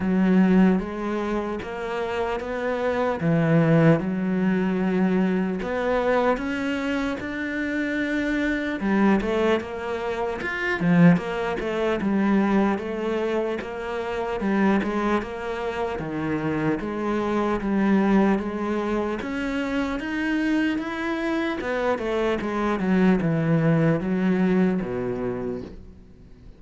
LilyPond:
\new Staff \with { instrumentName = "cello" } { \time 4/4 \tempo 4 = 75 fis4 gis4 ais4 b4 | e4 fis2 b4 | cis'4 d'2 g8 a8 | ais4 f'8 f8 ais8 a8 g4 |
a4 ais4 g8 gis8 ais4 | dis4 gis4 g4 gis4 | cis'4 dis'4 e'4 b8 a8 | gis8 fis8 e4 fis4 b,4 | }